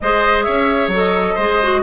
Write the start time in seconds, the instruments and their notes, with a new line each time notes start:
0.00 bassoon G#3, clarinet G#4, oboe C5, flute D#5
0.43 bassoon C#4, oboe C#5, flute E5
0.87 bassoon F#3
0.93 clarinet A4, flute D#5
1.34 bassoon G#3, oboe C5
1.40 clarinet G#4
1.63 clarinet F#4